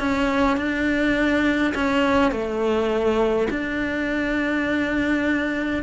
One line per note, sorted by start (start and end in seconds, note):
0.00 0.58 C#4
0.58 1.74 D4
1.75 2.32 C#4
2.32 3.48 A3
3.51 5.84 D4